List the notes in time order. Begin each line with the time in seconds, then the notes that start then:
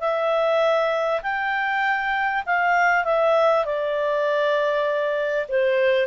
0.00 E5
1.23 G5
2.46 F5
3.04 E5
3.65 D5
5.48 C5